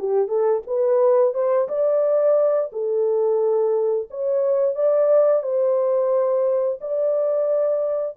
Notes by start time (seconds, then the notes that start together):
0.00 G4
0.29 A4
0.67 B4
1.35 C5
1.69 D5
2.73 A4
4.11 C#5
4.75 D5
5.43 C5
6.82 D5